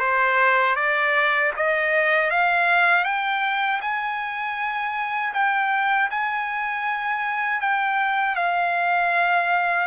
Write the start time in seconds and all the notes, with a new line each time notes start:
0.00 C5
0.76 D5
1.57 D#5
2.31 F5
3.05 G5
3.82 G#5
5.34 G5
6.11 G#5
7.61 G5
8.36 F5